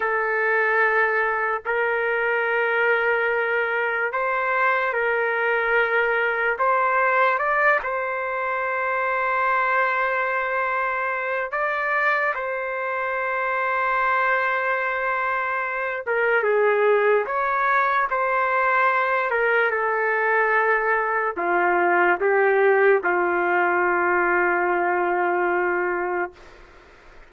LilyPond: \new Staff \with { instrumentName = "trumpet" } { \time 4/4 \tempo 4 = 73 a'2 ais'2~ | ais'4 c''4 ais'2 | c''4 d''8 c''2~ c''8~ | c''2 d''4 c''4~ |
c''2.~ c''8 ais'8 | gis'4 cis''4 c''4. ais'8 | a'2 f'4 g'4 | f'1 | }